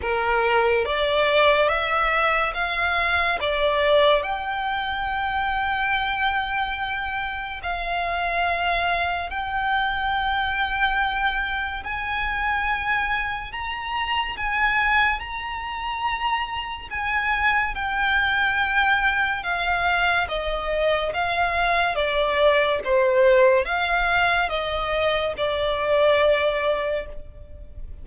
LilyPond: \new Staff \with { instrumentName = "violin" } { \time 4/4 \tempo 4 = 71 ais'4 d''4 e''4 f''4 | d''4 g''2.~ | g''4 f''2 g''4~ | g''2 gis''2 |
ais''4 gis''4 ais''2 | gis''4 g''2 f''4 | dis''4 f''4 d''4 c''4 | f''4 dis''4 d''2 | }